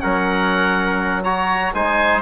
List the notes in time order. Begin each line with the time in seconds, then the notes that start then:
0.00 F#3 C#4 A#4 F#5
1.24 F#4 C#5 A#5
1.74 G#3 D#4 C5 G#5